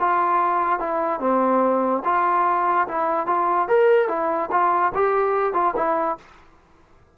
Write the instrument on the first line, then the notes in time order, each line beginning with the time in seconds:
trombone
0.00 F4
0.80 E4
1.20 C4
2.05 F4
2.88 E4
3.27 F4
3.68 A#4
4.09 E4
4.52 F4
4.95 G4
5.54 F4
5.76 E4